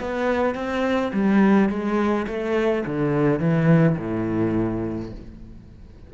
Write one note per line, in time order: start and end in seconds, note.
0.00 0.55 B3
0.55 1.12 C4
1.13 1.69 G3
1.69 2.26 G#3
2.27 2.84 A3
2.86 3.40 D3
3.40 3.97 E3
3.98 5.12 A2